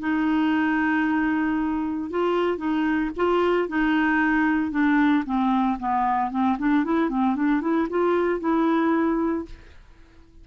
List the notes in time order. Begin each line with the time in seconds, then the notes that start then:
0.00 D#4
2.11 F4
2.58 D#4
3.17 F4
3.69 D#4
4.72 D4
5.26 C4
5.79 B3
6.31 C4
6.59 D4
6.85 E4
7.10 C4
7.36 D4
7.61 E4
7.90 F4
8.40 E4